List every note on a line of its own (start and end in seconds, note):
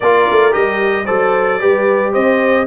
0.00 0.29 A#3
0.00 0.51 F4
0.00 1.05 A#4
0.00 0.53 D5
0.30 0.54 A3
0.51 1.08 G3
0.51 1.05 G4
0.51 1.05 D#5
1.05 1.61 F#3
1.05 1.60 A4
1.05 1.58 C5
1.05 2.12 D5
1.60 2.15 G3
1.60 2.66 G4
1.60 2.11 B4
2.11 2.66 C4
2.11 2.65 C5
2.11 2.66 D#5